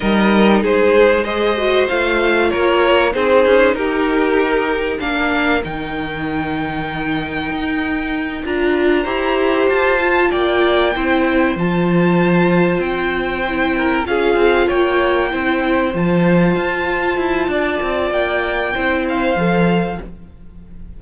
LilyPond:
<<
  \new Staff \with { instrumentName = "violin" } { \time 4/4 \tempo 4 = 96 dis''4 c''4 dis''4 f''4 | cis''4 c''4 ais'2 | f''4 g''2.~ | g''4. ais''2 a''8~ |
a''8 g''2 a''4.~ | a''8 g''2 f''4 g''8~ | g''4. a''2~ a''8~ | a''4 g''4. f''4. | }
  \new Staff \with { instrumentName = "violin" } { \time 4/4 ais'4 gis'4 c''2 | ais'4 gis'4 g'2 | ais'1~ | ais'2~ ais'8 c''4.~ |
c''8 d''4 c''2~ c''8~ | c''2 ais'8 gis'4 cis''8~ | cis''8 c''2.~ c''8 | d''2 c''2 | }
  \new Staff \with { instrumentName = "viola" } { \time 4/4 dis'2 gis'8 fis'8 f'4~ | f'4 dis'2. | d'4 dis'2.~ | dis'4. f'4 g'4. |
f'4. e'4 f'4.~ | f'4. e'4 f'4.~ | f'8 e'4 f'2~ f'8~ | f'2 e'4 a'4 | }
  \new Staff \with { instrumentName = "cello" } { \time 4/4 g4 gis2 a4 | ais4 c'8 cis'8 dis'2 | ais4 dis2. | dis'4. d'4 e'4 f'8~ |
f'8 ais4 c'4 f4.~ | f8 c'2 cis'8 c'8 ais8~ | ais8 c'4 f4 f'4 e'8 | d'8 c'8 ais4 c'4 f4 | }
>>